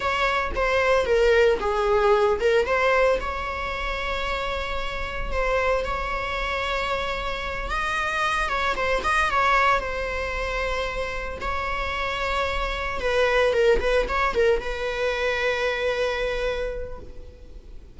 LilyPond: \new Staff \with { instrumentName = "viola" } { \time 4/4 \tempo 4 = 113 cis''4 c''4 ais'4 gis'4~ | gis'8 ais'8 c''4 cis''2~ | cis''2 c''4 cis''4~ | cis''2~ cis''8 dis''4. |
cis''8 c''8 dis''8 cis''4 c''4.~ | c''4. cis''2~ cis''8~ | cis''8 b'4 ais'8 b'8 cis''8 ais'8 b'8~ | b'1 | }